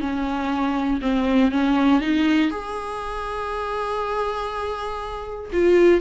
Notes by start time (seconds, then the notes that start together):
0.00 C#4
1.01 C4
1.51 C#4
2.01 D#4
2.51 G#4
5.52 F4